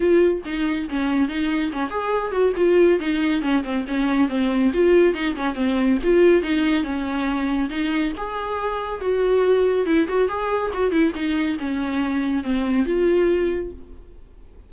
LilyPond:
\new Staff \with { instrumentName = "viola" } { \time 4/4 \tempo 4 = 140 f'4 dis'4 cis'4 dis'4 | cis'8 gis'4 fis'8 f'4 dis'4 | cis'8 c'8 cis'4 c'4 f'4 | dis'8 cis'8 c'4 f'4 dis'4 |
cis'2 dis'4 gis'4~ | gis'4 fis'2 e'8 fis'8 | gis'4 fis'8 e'8 dis'4 cis'4~ | cis'4 c'4 f'2 | }